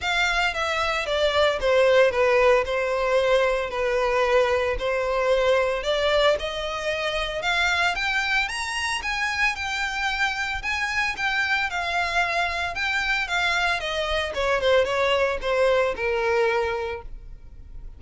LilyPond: \new Staff \with { instrumentName = "violin" } { \time 4/4 \tempo 4 = 113 f''4 e''4 d''4 c''4 | b'4 c''2 b'4~ | b'4 c''2 d''4 | dis''2 f''4 g''4 |
ais''4 gis''4 g''2 | gis''4 g''4 f''2 | g''4 f''4 dis''4 cis''8 c''8 | cis''4 c''4 ais'2 | }